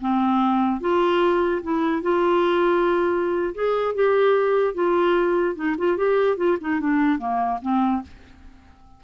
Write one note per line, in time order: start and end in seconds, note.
0.00 0.80 C4
0.80 1.61 F4
1.62 2.02 E4
2.02 3.54 F4
3.54 3.94 G#4
3.94 4.74 G4
4.74 5.55 F4
5.55 5.75 D#4
5.78 5.96 F4
5.96 6.37 G4
6.37 6.57 F4
6.60 6.80 D#4
6.80 7.18 D4
7.18 7.59 A#3
7.61 8.02 C4